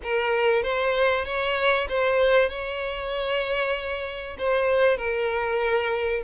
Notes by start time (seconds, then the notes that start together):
0.03 A#4
0.62 C5
1.25 C#5
1.88 C5
2.49 C#5
4.38 C5
4.97 A#4